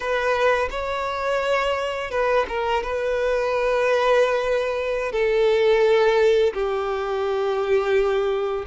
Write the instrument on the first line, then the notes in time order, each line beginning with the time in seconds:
violin
0.00 B4
0.70 C#5
2.10 B4
2.48 A#4
2.83 B4
5.12 A4
6.53 G4